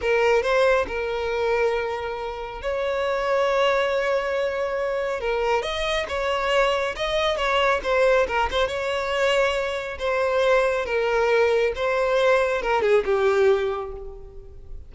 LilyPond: \new Staff \with { instrumentName = "violin" } { \time 4/4 \tempo 4 = 138 ais'4 c''4 ais'2~ | ais'2 cis''2~ | cis''1 | ais'4 dis''4 cis''2 |
dis''4 cis''4 c''4 ais'8 c''8 | cis''2. c''4~ | c''4 ais'2 c''4~ | c''4 ais'8 gis'8 g'2 | }